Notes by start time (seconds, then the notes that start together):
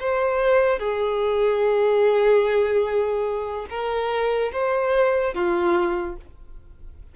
0.00 C5
0.79 G#4
3.70 A#4
4.53 C5
5.34 F4